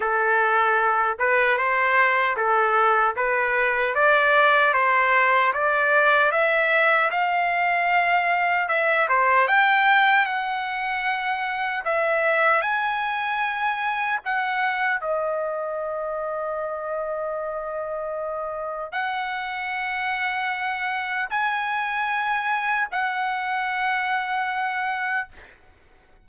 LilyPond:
\new Staff \with { instrumentName = "trumpet" } { \time 4/4 \tempo 4 = 76 a'4. b'8 c''4 a'4 | b'4 d''4 c''4 d''4 | e''4 f''2 e''8 c''8 | g''4 fis''2 e''4 |
gis''2 fis''4 dis''4~ | dis''1 | fis''2. gis''4~ | gis''4 fis''2. | }